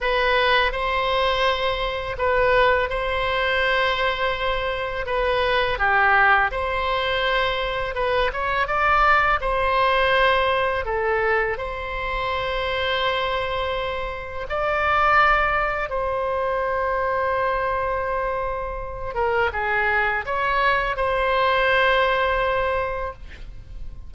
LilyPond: \new Staff \with { instrumentName = "oboe" } { \time 4/4 \tempo 4 = 83 b'4 c''2 b'4 | c''2. b'4 | g'4 c''2 b'8 cis''8 | d''4 c''2 a'4 |
c''1 | d''2 c''2~ | c''2~ c''8 ais'8 gis'4 | cis''4 c''2. | }